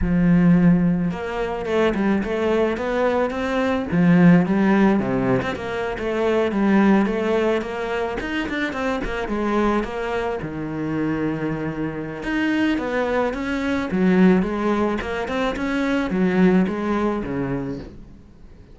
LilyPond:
\new Staff \with { instrumentName = "cello" } { \time 4/4 \tempo 4 = 108 f2 ais4 a8 g8 | a4 b4 c'4 f4 | g4 c8. c'16 ais8. a4 g16~ | g8. a4 ais4 dis'8 d'8 c'16~ |
c'16 ais8 gis4 ais4 dis4~ dis16~ | dis2 dis'4 b4 | cis'4 fis4 gis4 ais8 c'8 | cis'4 fis4 gis4 cis4 | }